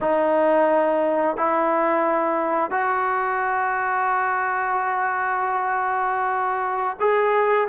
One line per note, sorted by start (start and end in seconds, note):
0.00 1.36 D#4
1.36 2.70 E4
2.70 6.96 F#4
6.99 7.68 G#4